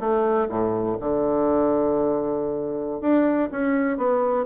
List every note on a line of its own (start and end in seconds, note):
0.00 0.48 A3
0.49 0.97 A2
1.00 3.01 D3
3.01 3.49 D4
3.51 3.97 C#4
3.97 4.45 B3